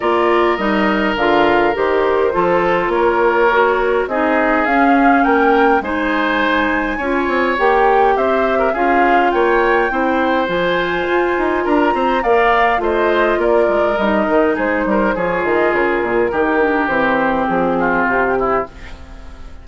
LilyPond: <<
  \new Staff \with { instrumentName = "flute" } { \time 4/4 \tempo 4 = 103 d''4 dis''4 f''4 c''4~ | c''4 cis''2 dis''4 | f''4 g''4 gis''2~ | gis''4 g''4 e''4 f''4 |
g''2 gis''2 | ais''4 f''4 dis''4 d''4 | dis''4 c''4 cis''8 dis''8 ais'4~ | ais'4 c''4 gis'4 g'4 | }
  \new Staff \with { instrumentName = "oboe" } { \time 4/4 ais'1 | a'4 ais'2 gis'4~ | gis'4 ais'4 c''2 | cis''2 c''8. ais'16 gis'4 |
cis''4 c''2. | ais'8 c''8 d''4 c''4 ais'4~ | ais'4 gis'8 ais'8 gis'2 | g'2~ g'8 f'4 e'8 | }
  \new Staff \with { instrumentName = "clarinet" } { \time 4/4 f'4 dis'4 f'4 g'4 | f'2 fis'4 dis'4 | cis'2 dis'2 | f'4 g'2 f'4~ |
f'4 e'4 f'2~ | f'4 ais'4 f'2 | dis'2 f'2 | dis'8 d'8 c'2. | }
  \new Staff \with { instrumentName = "bassoon" } { \time 4/4 ais4 g4 d4 dis4 | f4 ais2 c'4 | cis'4 ais4 gis2 | cis'8 c'8 ais4 c'4 cis'4 |
ais4 c'4 f4 f'8 dis'8 | d'8 c'8 ais4 a4 ais8 gis8 | g8 dis8 gis8 g8 f8 dis8 cis8 ais,8 | dis4 e4 f4 c4 | }
>>